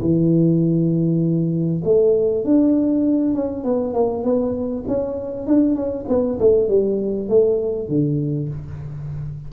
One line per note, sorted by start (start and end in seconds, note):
0.00 1.82 E3
1.84 2.44 A3
2.44 3.34 D4
3.34 3.64 C#4
3.64 3.93 B3
3.93 4.24 A#3
4.24 4.84 B3
4.88 5.47 C#4
5.47 5.75 D4
5.75 6.05 C#4
6.08 6.39 B3
6.39 6.68 A3
6.68 7.28 G3
7.28 7.88 A3
7.88 8.49 D3